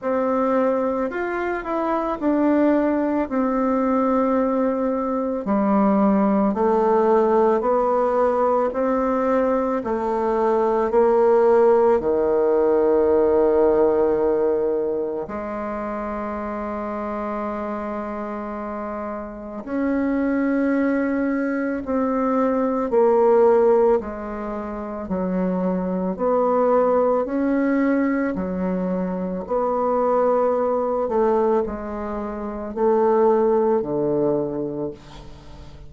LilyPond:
\new Staff \with { instrumentName = "bassoon" } { \time 4/4 \tempo 4 = 55 c'4 f'8 e'8 d'4 c'4~ | c'4 g4 a4 b4 | c'4 a4 ais4 dis4~ | dis2 gis2~ |
gis2 cis'2 | c'4 ais4 gis4 fis4 | b4 cis'4 fis4 b4~ | b8 a8 gis4 a4 d4 | }